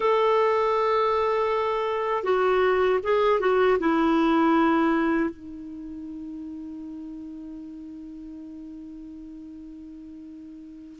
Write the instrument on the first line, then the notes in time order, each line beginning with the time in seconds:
clarinet
0.00 A4
2.23 F#4
3.03 G#4
3.40 F#4
3.79 E4
5.30 D#4